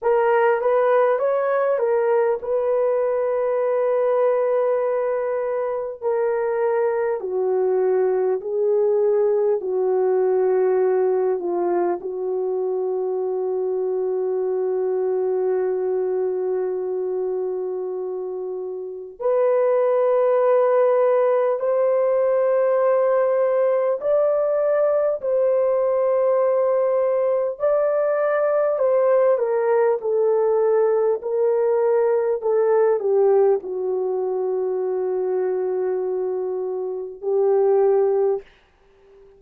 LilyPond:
\new Staff \with { instrumentName = "horn" } { \time 4/4 \tempo 4 = 50 ais'8 b'8 cis''8 ais'8 b'2~ | b'4 ais'4 fis'4 gis'4 | fis'4. f'8 fis'2~ | fis'1 |
b'2 c''2 | d''4 c''2 d''4 | c''8 ais'8 a'4 ais'4 a'8 g'8 | fis'2. g'4 | }